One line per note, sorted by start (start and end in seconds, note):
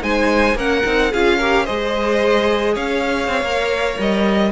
0.00 0.54 G#3
0.00 0.55 D#4
0.00 0.56 C5
0.00 0.57 G#5
0.54 0.81 A#3
0.54 0.84 C#4
0.54 1.11 A#4
0.54 1.13 F#5
0.85 1.13 C4
0.85 1.12 D#4
1.11 1.68 C#4
1.11 1.40 F4
1.11 1.37 G#4
1.11 1.65 F5
1.37 1.66 G4
1.37 1.64 A#4
1.64 2.76 G#3
1.64 3.44 G#4
1.64 2.73 C5
1.64 2.74 D#5
2.73 3.27 C#4
2.73 4.51 C#5
2.73 3.98 F5
3.27 3.41 C4
3.41 3.95 A#3
3.41 4.51 A#4
3.98 4.51 G3
3.98 4.51 D#5